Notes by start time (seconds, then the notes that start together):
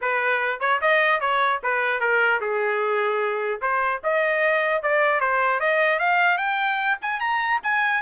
0.01 B4
0.60 C#5
0.81 D#5
1.20 C#5
1.63 B4
2.00 A#4
2.40 G#4
3.61 C5
4.03 D#5
4.82 D5
5.20 C5
5.60 D#5
5.99 F5
6.37 G5
7.01 G#5
7.20 A#5
7.63 G#5